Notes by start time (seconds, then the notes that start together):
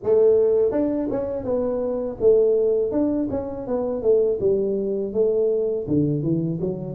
0.03 A3
0.72 D4
1.10 C#4
1.44 B3
2.20 A3
2.91 D4
3.30 C#4
3.67 B3
4.02 A3
4.40 G3
5.13 A3
5.87 D3
6.22 E3
6.60 F#3